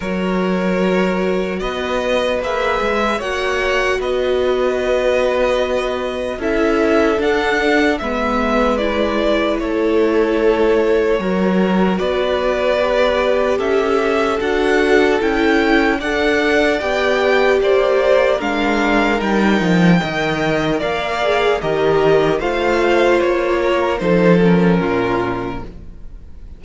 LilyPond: <<
  \new Staff \with { instrumentName = "violin" } { \time 4/4 \tempo 4 = 75 cis''2 dis''4 e''4 | fis''4 dis''2. | e''4 fis''4 e''4 d''4 | cis''2. d''4~ |
d''4 e''4 fis''4 g''4 | fis''4 g''4 d''4 f''4 | g''2 f''4 dis''4 | f''4 cis''4 c''8 ais'4. | }
  \new Staff \with { instrumentName = "violin" } { \time 4/4 ais'2 b'2 | cis''4 b'2. | a'2 b'2 | a'2 ais'4 b'4~ |
b'4 a'2. | d''2 c''4 ais'4~ | ais'4 dis''4 d''4 ais'4 | c''4. ais'8 a'4 f'4 | }
  \new Staff \with { instrumentName = "viola" } { \time 4/4 fis'2. gis'4 | fis'1 | e'4 d'4 b4 e'4~ | e'2 fis'2 |
g'2 fis'4 e'4 | a'4 g'2 d'4 | dis'4 ais'4. gis'8 g'4 | f'2 dis'8 cis'4. | }
  \new Staff \with { instrumentName = "cello" } { \time 4/4 fis2 b4 ais8 gis8 | ais4 b2. | cis'4 d'4 gis2 | a2 fis4 b4~ |
b4 cis'4 d'4 cis'4 | d'4 b4 ais4 gis4 | g8 f8 dis4 ais4 dis4 | a4 ais4 f4 ais,4 | }
>>